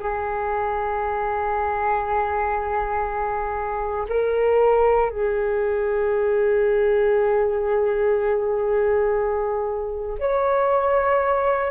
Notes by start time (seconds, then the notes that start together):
0.00 G#4
4.09 A#4
5.11 G#4
10.20 C#5